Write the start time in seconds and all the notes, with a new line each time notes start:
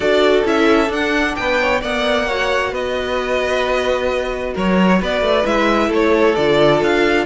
0.00 D4 F#4 A4 D5
0.44 C#4 E4 E5
0.87 D4 F#5
1.35 B3 B4 G5
1.61 C#5
1.81 A#3 B3 D5 F#5
2.27 F#4 C#5
2.72 B3 B4 D#5
4.53 F#3 A#4 C#5
4.99 B3 B4 D5
5.21 A3
5.44 G#3 E4 E5
5.88 A3 A4 C#5
6.35 D3 F4 D5
6.82 D4 F5